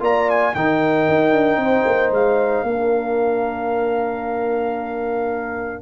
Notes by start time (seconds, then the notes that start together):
0.00 A#3 F4 D5 A#5
0.30 G#5
0.55 D#3 D#4 A#4 G5
1.08 D#4
1.32 D4
1.57 C4 C5
1.86 A#3
2.11 G#3 F5
2.63 A#3 D4 A#4